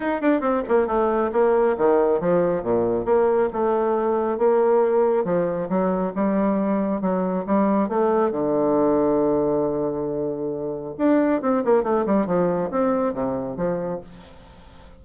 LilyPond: \new Staff \with { instrumentName = "bassoon" } { \time 4/4 \tempo 4 = 137 dis'8 d'8 c'8 ais8 a4 ais4 | dis4 f4 ais,4 ais4 | a2 ais2 | f4 fis4 g2 |
fis4 g4 a4 d4~ | d1~ | d4 d'4 c'8 ais8 a8 g8 | f4 c'4 c4 f4 | }